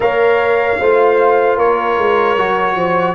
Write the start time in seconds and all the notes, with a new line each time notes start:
0.00 A#3 A#4 C#5 F5
0.79 A3 F4 C5
1.57 A#3 A#4 C#5
1.97 G#3
2.37 F#3 F#4
2.75 F3 C5